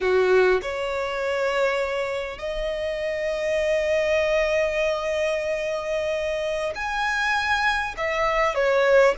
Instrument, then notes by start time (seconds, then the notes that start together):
violin
0.00 F#4
0.62 C#5
2.38 D#5
6.75 G#5
7.97 E5
8.54 C#5